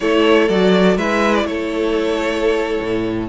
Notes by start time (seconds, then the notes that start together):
0.00 A3 E4 A4 C#5
0.48 F#3 F#4 D5
0.97 G#3 E4 B4 E5
1.34 D5
1.44 A3 A4 C#5
2.80 A2